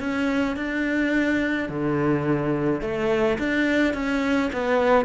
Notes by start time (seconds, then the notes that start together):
0.00 C#4
0.57 D4
1.69 D3
2.81 A3
3.39 D4
3.94 C#4
4.53 B3